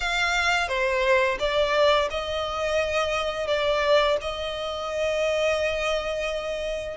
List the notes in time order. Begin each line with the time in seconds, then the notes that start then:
0.00 F5
0.68 C5
1.39 D5
2.10 D#5
3.47 D5
4.21 D#5